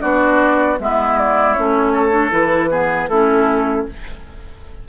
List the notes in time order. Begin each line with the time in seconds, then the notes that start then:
0.00 B3 D4 F#4 D5
0.79 G#3 B3 E4 E5
1.18 D5
1.54 A3 C#4 C#5
1.92 A4
2.10 D4
2.31 E3 E4 B4
2.70 B3 G#4
3.08 A3 C#4 E4 A4